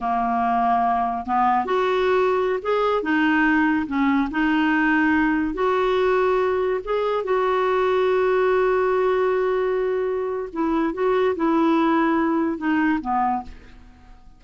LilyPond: \new Staff \with { instrumentName = "clarinet" } { \time 4/4 \tempo 4 = 143 ais2. b4 | fis'2~ fis'16 gis'4 dis'8.~ | dis'4~ dis'16 cis'4 dis'4.~ dis'16~ | dis'4~ dis'16 fis'2~ fis'8.~ |
fis'16 gis'4 fis'2~ fis'8.~ | fis'1~ | fis'4 e'4 fis'4 e'4~ | e'2 dis'4 b4 | }